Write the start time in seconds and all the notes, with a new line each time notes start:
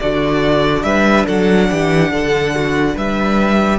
0.00 D3 D4 F#4 D5
0.83 G3 B4 E5
1.26 F#3 A4 F#5
1.71 E3 G4
2.11 D3 A4
2.56 F#4
2.95 G3 B4 E5